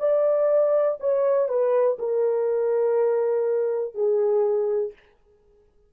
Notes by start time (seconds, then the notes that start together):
0.00 D5
1.00 C#5
1.49 B4
1.99 A#4
3.95 G#4